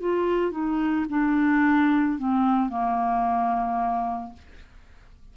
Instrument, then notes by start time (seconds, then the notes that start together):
clarinet
0.00 F4
0.51 D#4
1.09 D4
2.18 C4
2.69 A#3